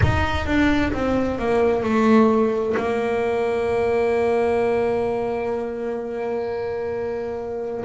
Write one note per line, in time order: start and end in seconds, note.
0.02 0.46 D#4
0.46 0.92 D4
0.92 1.38 C4
1.38 1.83 A#3
1.83 2.75 A3
2.77 7.84 A#3